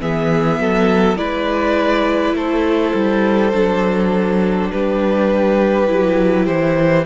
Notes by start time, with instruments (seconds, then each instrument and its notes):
0.00 cello E3, viola B3, violin G#4 E5
0.59 cello F#3, violin A4
1.16 cello G#3, viola E4, violin B4 D5
2.33 cello A3, violin A4 C5
2.94 cello G3
3.53 cello F#3, viola D4
4.72 cello G3, violin G4 B4
5.87 cello F#3, viola E4
6.46 cello E3, violin C5